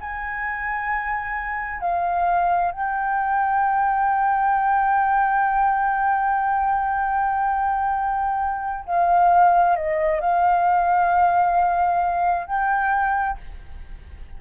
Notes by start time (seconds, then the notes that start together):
0.00 G#5
1.80 F5
2.71 G5
8.85 F5
9.76 D#5
10.20 F5
12.46 G5